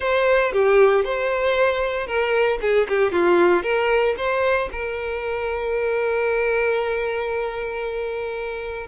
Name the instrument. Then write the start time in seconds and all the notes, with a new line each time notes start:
violin
0.00 C5
0.52 G4
1.04 C5
2.06 A#4
2.61 G#4
2.88 G4
3.11 F4
3.63 A#4
4.17 C5
4.72 A#4